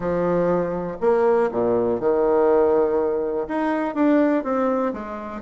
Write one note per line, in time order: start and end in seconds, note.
0.00 0.97 F3
1.00 1.50 A#3
1.51 2.00 A#2
2.00 3.47 D#3
3.48 3.95 D#4
3.95 4.43 D4
4.43 4.92 C4
4.93 5.41 G#3